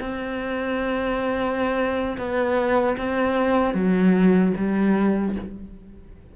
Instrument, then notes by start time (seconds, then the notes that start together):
cello
0.00 C4
2.18 B3
2.97 C4
3.74 F#3
4.57 G3